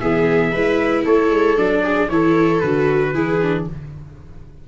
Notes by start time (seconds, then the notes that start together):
0.00 E3 B3 G#4 E5
0.52 G#3 E4 B4
1.05 A3 A4 C#5
1.30 G#3
1.57 F#3 D4 D5
1.83 G#4
2.08 E3 E4 A4 C#5
2.60 D3 F#4 B4
3.14 E3 E4 G#4
3.42 D4